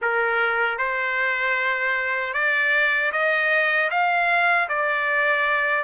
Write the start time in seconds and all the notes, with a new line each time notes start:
0.01 A#4
0.78 C5
2.33 D5
3.12 D#5
3.90 F5
4.68 D5